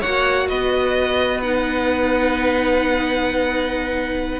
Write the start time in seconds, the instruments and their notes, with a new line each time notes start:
0.00 cello A#3, viola F#4, violin C#5 F#5
0.48 cello B3, violin B4 D#5
1.41 viola D#4, violin F#5